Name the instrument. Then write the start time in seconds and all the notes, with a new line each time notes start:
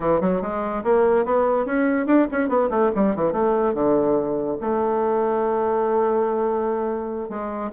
bassoon
0.00 E3
0.20 F#3
0.41 G#3
0.83 A#3
1.25 B3
1.65 C#4
2.06 D4
2.31 C#4
2.48 B3
2.70 A3
2.95 G3
3.15 E3
3.32 A3
3.73 D3
4.60 A3
7.29 G#3